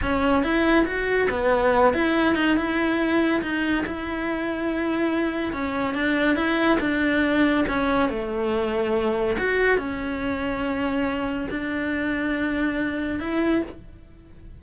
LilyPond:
\new Staff \with { instrumentName = "cello" } { \time 4/4 \tempo 4 = 141 cis'4 e'4 fis'4 b4~ | b8 e'4 dis'8 e'2 | dis'4 e'2.~ | e'4 cis'4 d'4 e'4 |
d'2 cis'4 a4~ | a2 fis'4 cis'4~ | cis'2. d'4~ | d'2. e'4 | }